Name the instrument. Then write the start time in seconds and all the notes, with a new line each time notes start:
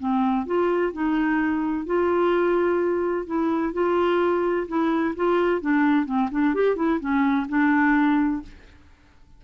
clarinet
0.00 C4
0.46 F4
0.93 D#4
1.86 F4
3.27 E4
3.74 F4
4.68 E4
5.16 F4
5.62 D4
6.06 C4
6.32 D4
6.55 G4
6.76 E4
7.00 C#4
7.49 D4